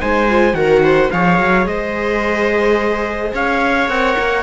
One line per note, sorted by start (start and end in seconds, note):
0.00 0.54 G#3
0.00 0.28 D#4
0.00 0.57 C5
0.00 0.55 G#5
0.28 0.54 F4
0.54 1.10 D#3
0.54 1.10 F#4
0.54 0.84 A#4
0.54 1.11 F#5
0.84 1.12 C5
1.11 1.39 F3
1.11 3.89 G#4
1.11 1.69 C#5
1.11 1.67 F5
1.39 1.66 F#3
1.66 3.33 G#3
1.66 3.35 C5
1.66 3.34 D#5
3.34 3.88 C#4
3.34 4.43 C#5
3.34 3.89 F5
3.88 4.16 C4
3.88 4.43 A#4
3.88 4.43 F#5
4.19 4.43 A#3